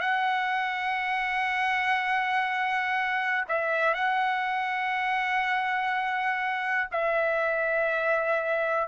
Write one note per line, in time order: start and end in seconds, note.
0.00 3.44 F#5
3.48 3.93 E5
3.93 6.89 F#5
6.91 8.88 E5